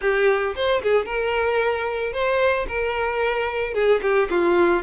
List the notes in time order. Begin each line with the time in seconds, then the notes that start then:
0.01 G4
0.55 C5
0.82 G#4
1.05 A#4
2.13 C5
2.68 A#4
3.74 G#4
4.02 G4
4.30 F4